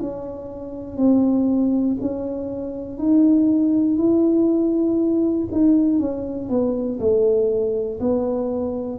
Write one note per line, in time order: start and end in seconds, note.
0.00 0.97 C#4
0.97 1.97 C4
2.01 2.99 C#4
2.99 3.97 D#4
3.97 5.47 E4
5.52 6.00 D#4
6.00 6.50 C#4
6.50 7.00 B3
7.00 8.00 A3
8.00 8.99 B3